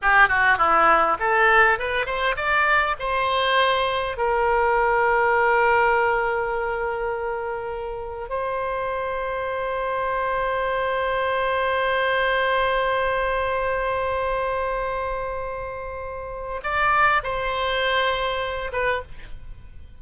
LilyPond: \new Staff \with { instrumentName = "oboe" } { \time 4/4 \tempo 4 = 101 g'8 fis'8 e'4 a'4 b'8 c''8 | d''4 c''2 ais'4~ | ais'1~ | ais'2 c''2~ |
c''1~ | c''1~ | c''1 | d''4 c''2~ c''8 b'8 | }